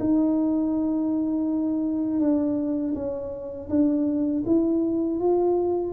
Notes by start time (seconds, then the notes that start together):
0.00 D#4
2.21 D4
2.95 C#4
3.70 D4
4.46 E4
5.20 F4